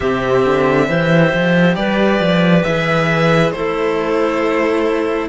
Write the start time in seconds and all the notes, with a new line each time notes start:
0.00 C3 C4 G4 E5
0.45 D3
0.87 E3 G4 C5
1.33 F3
1.75 G3 B4 D5
2.19 F3
2.63 E3 G#4 E5
3.51 A3 E4 A4 C5